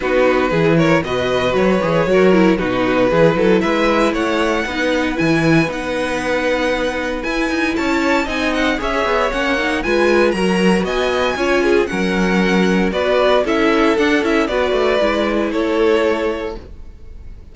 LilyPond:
<<
  \new Staff \with { instrumentName = "violin" } { \time 4/4 \tempo 4 = 116 b'4. cis''8 dis''4 cis''4~ | cis''4 b'2 e''4 | fis''2 gis''4 fis''4~ | fis''2 gis''4 a''4 |
gis''8 fis''8 e''4 fis''4 gis''4 | ais''4 gis''2 fis''4~ | fis''4 d''4 e''4 fis''8 e''8 | d''2 cis''2 | }
  \new Staff \with { instrumentName = "violin" } { \time 4/4 fis'4 gis'8 ais'8 b'2 | ais'4 fis'4 gis'8 a'8 b'4 | cis''4 b'2.~ | b'2. cis''4 |
dis''4 cis''2 b'4 | ais'4 dis''4 cis''8 gis'8 ais'4~ | ais'4 b'4 a'2 | b'2 a'2 | }
  \new Staff \with { instrumentName = "viola" } { \time 4/4 dis'4 e'4 fis'4. gis'8 | fis'8 e'8 dis'4 e'2~ | e'4 dis'4 e'4 dis'4~ | dis'2 e'2 |
dis'4 gis'4 cis'8 dis'8 f'4 | fis'2 f'4 cis'4~ | cis'4 fis'4 e'4 d'8 e'8 | fis'4 e'2. | }
  \new Staff \with { instrumentName = "cello" } { \time 4/4 b4 e4 b,4 fis8 e8 | fis4 b,4 e8 fis8 gis4 | a4 b4 e4 b4~ | b2 e'8 dis'8 cis'4 |
c'4 cis'8 b8 ais4 gis4 | fis4 b4 cis'4 fis4~ | fis4 b4 cis'4 d'8 cis'8 | b8 a8 gis4 a2 | }
>>